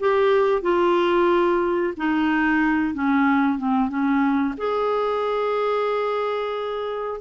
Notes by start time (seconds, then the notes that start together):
0.00 G4
0.62 F4
1.97 D#4
2.94 C#4
3.58 C4
3.89 C#4
4.57 G#4